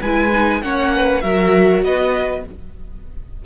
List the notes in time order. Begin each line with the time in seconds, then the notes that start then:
0.00 G#3 E4 B4 G#5
0.32 D#4
0.62 A#3 C#4 C#5 F#5
0.95 B4
1.21 F#3 F#4 A#4 E5
1.83 B3 B4 D#5